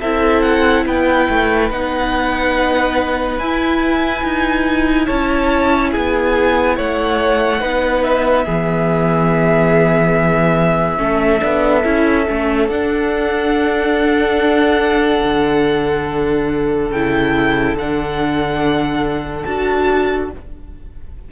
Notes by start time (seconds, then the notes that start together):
0.00 C4 E4 A4 E5
0.42 F#5
0.85 B3 B4 G5
1.29 A3
1.70 B3 D#4 F#5
3.39 E4 G#5
4.23 D#4
5.06 C#4 C#5 A5
5.91 B3 G#4 G#5
6.76 A3 C#5 F#5
7.60 B3 D#4 B4
8.04 E5
8.45 E3 B3 G#4
10.97 A3 C#4 A4
11.40 B3 D4
11.83 C#4 E4
12.28 A3 C#4
12.68 D4 F#5
15.24 D3
16.90 C#3 E4 G5
17.74 D3 D4 F#5
19.45 D4 F#4 A5